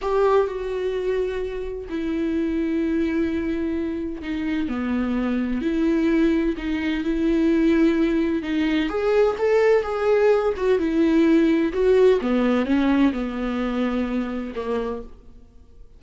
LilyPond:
\new Staff \with { instrumentName = "viola" } { \time 4/4 \tempo 4 = 128 g'4 fis'2. | e'1~ | e'4 dis'4 b2 | e'2 dis'4 e'4~ |
e'2 dis'4 gis'4 | a'4 gis'4. fis'8 e'4~ | e'4 fis'4 b4 cis'4 | b2. ais4 | }